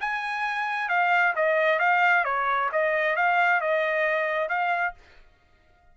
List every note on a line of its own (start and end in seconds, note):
0.00 0.88 G#5
0.88 1.33 F5
1.35 1.79 D#5
1.79 2.24 F5
2.24 2.69 C#5
2.71 3.16 D#5
3.16 3.60 F5
3.60 4.48 D#5
4.48 4.94 F5